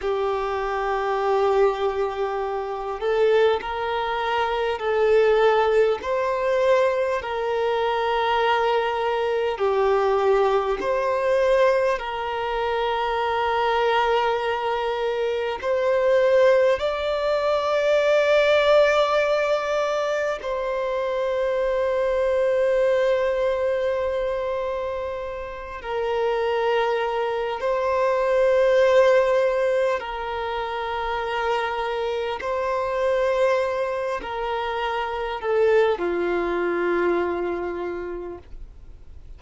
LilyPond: \new Staff \with { instrumentName = "violin" } { \time 4/4 \tempo 4 = 50 g'2~ g'8 a'8 ais'4 | a'4 c''4 ais'2 | g'4 c''4 ais'2~ | ais'4 c''4 d''2~ |
d''4 c''2.~ | c''4. ais'4. c''4~ | c''4 ais'2 c''4~ | c''8 ais'4 a'8 f'2 | }